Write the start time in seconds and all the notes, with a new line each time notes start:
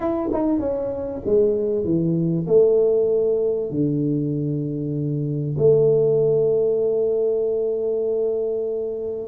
0.00 E4
0.32 D#4
0.59 C#4
1.25 G#3
1.84 E3
2.46 A3
3.70 D3
5.58 A3